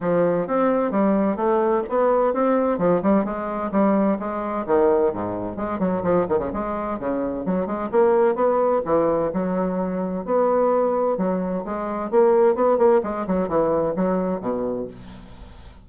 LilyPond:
\new Staff \with { instrumentName = "bassoon" } { \time 4/4 \tempo 4 = 129 f4 c'4 g4 a4 | b4 c'4 f8 g8 gis4 | g4 gis4 dis4 gis,4 | gis8 fis8 f8 dis16 cis16 gis4 cis4 |
fis8 gis8 ais4 b4 e4 | fis2 b2 | fis4 gis4 ais4 b8 ais8 | gis8 fis8 e4 fis4 b,4 | }